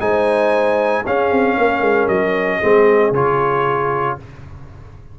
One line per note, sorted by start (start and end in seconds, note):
0.00 1.04 G#3
0.00 1.04 D#4
0.00 1.04 C5
0.00 1.05 G#5
1.04 1.31 C#4
1.04 2.62 C#4
1.04 1.57 G#4
1.04 2.08 F5
1.31 1.57 C4
1.58 1.81 A#3
1.58 2.59 A#4
1.81 2.07 G#3
2.08 2.60 F#3
2.08 3.12 D#5
2.59 3.11 G#3
2.59 3.14 C4
2.59 4.16 G#4
3.11 4.16 C#3
3.11 4.19 F4
3.11 4.19 C#5